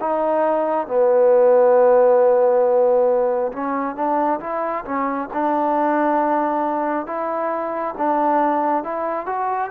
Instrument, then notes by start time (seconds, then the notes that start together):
trombone
0.00 D#4
0.87 B3
3.52 C#4
3.95 D4
4.40 E4
4.84 C#4
5.33 D4
7.06 E4
7.97 D4
8.83 E4
9.26 F#4